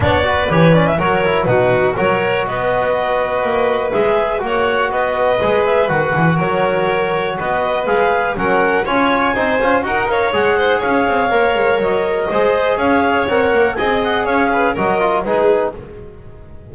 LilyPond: <<
  \new Staff \with { instrumentName = "clarinet" } { \time 4/4 \tempo 4 = 122 d''4 cis''8 d''16 e''16 cis''4 b'4 | cis''4 dis''2. | e''4 fis''4 dis''4. e''8 | fis''4 cis''2 dis''4 |
f''4 fis''4 gis''2 | fis''8 f''8 fis''4 f''2 | dis''2 f''4 fis''4 | gis''8 fis''8 f''4 dis''4 b'4 | }
  \new Staff \with { instrumentName = "violin" } { \time 4/4 cis''8 b'4. ais'4 fis'4 | ais'4 b'2.~ | b'4 cis''4 b'2~ | b'4 ais'2 b'4~ |
b'4 ais'4 cis''4 c''4 | ais'8 cis''4 c''8 cis''2~ | cis''4 c''4 cis''2 | dis''4 cis''8 b'8 ais'4 gis'4 | }
  \new Staff \with { instrumentName = "trombone" } { \time 4/4 d'8 fis'8 g'8 cis'8 fis'8 e'8 dis'4 | fis'1 | gis'4 fis'2 gis'4 | fis'1 |
gis'4 cis'4 f'4 dis'8 f'8 | fis'8 ais'8 gis'2 ais'4~ | ais'4 gis'2 ais'4 | gis'2 fis'8 f'8 dis'4 | }
  \new Staff \with { instrumentName = "double bass" } { \time 4/4 b4 e4 fis4 b,4 | fis4 b2 ais4 | gis4 ais4 b4 gis4 | dis8 e8 fis2 b4 |
gis4 fis4 cis'4 c'8 cis'8 | dis'4 gis4 cis'8 c'8 ais8 gis8 | fis4 gis4 cis'4 c'8 ais8 | c'4 cis'4 fis4 gis4 | }
>>